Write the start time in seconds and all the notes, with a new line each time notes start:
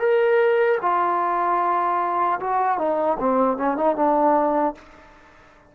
0.00 A#4
0.82 F4
2.40 F#4
2.78 D#4
3.20 C4
3.58 C#4
3.77 D#4
3.96 D4